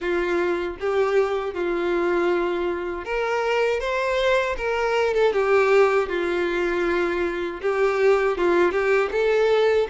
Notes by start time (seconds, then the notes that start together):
0.00 F4
0.79 G4
1.54 F4
3.04 A#4
3.80 C5
4.57 A#4
5.14 A4
5.33 G4
6.09 F4
7.61 G4
8.37 F4
8.71 G4
9.11 A4